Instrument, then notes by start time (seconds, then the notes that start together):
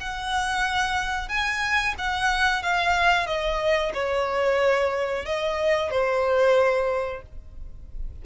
violin
0.00 F#5
1.29 G#5
1.98 F#5
2.63 F5
3.26 D#5
3.94 C#5
5.25 D#5
5.90 C5